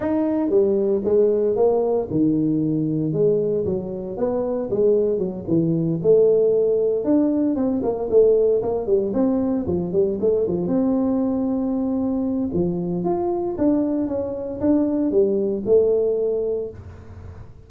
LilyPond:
\new Staff \with { instrumentName = "tuba" } { \time 4/4 \tempo 4 = 115 dis'4 g4 gis4 ais4 | dis2 gis4 fis4 | b4 gis4 fis8 e4 a8~ | a4. d'4 c'8 ais8 a8~ |
a8 ais8 g8 c'4 f8 g8 a8 | f8 c'2.~ c'8 | f4 f'4 d'4 cis'4 | d'4 g4 a2 | }